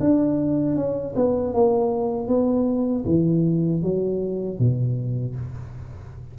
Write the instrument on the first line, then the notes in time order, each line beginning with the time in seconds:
tuba
0.00 D4
0.76 C#4
1.15 B3
1.53 A#3
2.28 B3
3.05 E3
3.82 F#3
4.59 B2